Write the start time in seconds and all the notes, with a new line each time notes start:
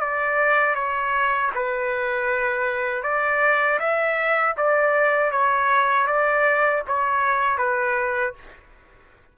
0.00 D5
0.75 C#5
1.55 B4
3.03 D5
3.80 E5
4.57 D5
5.32 C#5
6.07 D5
6.88 C#5
7.58 B4